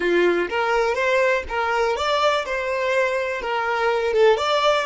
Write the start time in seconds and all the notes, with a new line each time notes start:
0.00 F4
0.49 A#4
0.94 C5
1.48 A#4
1.96 D5
2.45 C5
3.41 A#4
4.13 A4
4.37 D5